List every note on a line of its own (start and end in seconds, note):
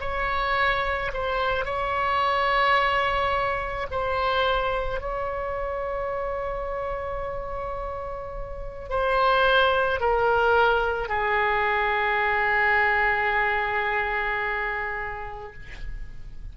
0.00 1.11 C#5
1.13 1.65 C5
1.65 3.87 C#5
3.90 5.00 C5
5.00 8.89 C#5
8.89 10.00 C5
10.00 11.08 A#4
11.08 15.53 G#4